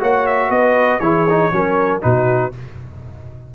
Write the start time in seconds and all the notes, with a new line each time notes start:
0.00 A#3 F#4 C#5 F#5
0.27 E5
0.50 B3 B4 D#5
1.00 E3 E4 G#4 C#5
1.30 D#4
1.52 F#3 C#4 A#4
2.01 B2 D#4 F#4 B4